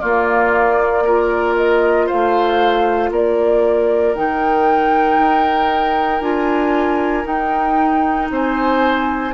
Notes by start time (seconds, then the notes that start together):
0.00 A#3 F4 D5
1.05 F4 A#4
1.56 D#5
2.06 C5 F5
2.12 A3
3.11 A#3 A#4 D5
4.15 D#3 D#4 G5
5.19 D#4
6.21 D4 F4 G#5
7.24 D#4 G5
8.31 C4 C5 G#5